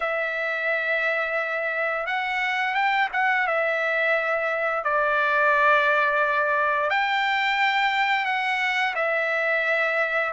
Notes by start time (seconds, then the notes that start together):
0.00 E5
2.06 F#5
2.74 G5
3.12 F#5
3.47 E5
4.83 D5
6.90 G5
8.25 F#5
8.95 E5